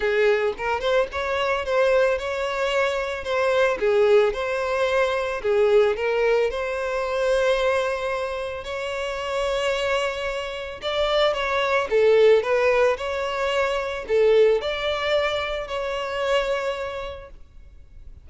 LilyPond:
\new Staff \with { instrumentName = "violin" } { \time 4/4 \tempo 4 = 111 gis'4 ais'8 c''8 cis''4 c''4 | cis''2 c''4 gis'4 | c''2 gis'4 ais'4 | c''1 |
cis''1 | d''4 cis''4 a'4 b'4 | cis''2 a'4 d''4~ | d''4 cis''2. | }